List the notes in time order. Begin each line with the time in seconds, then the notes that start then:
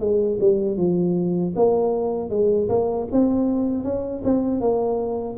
0.00 G#3
0.41 G3
0.77 F3
1.56 A#3
2.30 G#3
2.70 A#3
3.12 C4
3.84 C#4
4.24 C4
4.61 A#3